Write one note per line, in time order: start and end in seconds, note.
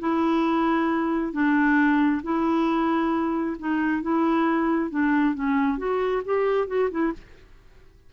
0.00 1.33 E4
1.33 2.22 D4
2.24 3.57 E4
3.59 4.03 D#4
4.03 4.91 E4
4.91 5.35 D4
5.35 5.78 C#4
5.78 6.23 F#4
6.26 6.68 G4
6.68 6.90 F#4
6.91 7.13 E4